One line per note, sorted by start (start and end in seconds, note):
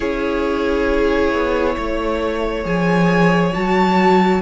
0.00 1.32 C#4
0.00 2.63 E4
0.00 1.75 G#4
0.00 2.63 C#5
1.32 1.76 B3
1.76 2.65 A3
1.76 4.41 C#5
2.63 3.53 F3
2.63 3.52 G#4
2.63 3.54 G#5
3.53 4.41 F#3
3.53 4.41 F#4
3.53 4.41 A5